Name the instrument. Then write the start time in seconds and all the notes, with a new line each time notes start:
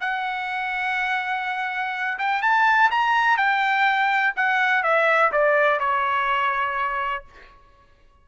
trumpet
0.00 F#5
2.18 G5
2.41 A5
2.90 A#5
3.37 G5
4.36 F#5
4.83 E5
5.32 D5
5.79 C#5